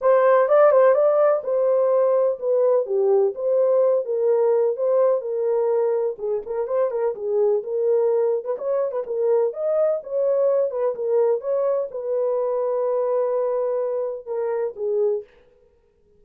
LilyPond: \new Staff \with { instrumentName = "horn" } { \time 4/4 \tempo 4 = 126 c''4 d''8 c''8 d''4 c''4~ | c''4 b'4 g'4 c''4~ | c''8 ais'4. c''4 ais'4~ | ais'4 gis'8 ais'8 c''8 ais'8 gis'4 |
ais'4.~ ais'16 b'16 cis''8. b'16 ais'4 | dis''4 cis''4. b'8 ais'4 | cis''4 b'2.~ | b'2 ais'4 gis'4 | }